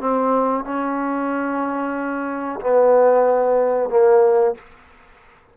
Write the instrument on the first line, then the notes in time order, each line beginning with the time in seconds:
trombone
0.00 C4
0.64 C#4
2.61 B3
3.90 A#3